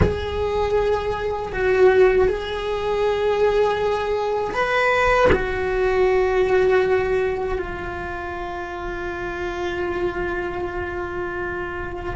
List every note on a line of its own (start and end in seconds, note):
0.01 1.52 G#4
1.52 2.28 F#4
2.28 4.54 G#4
4.54 5.30 B4
5.32 7.58 F#4
7.58 12.13 F4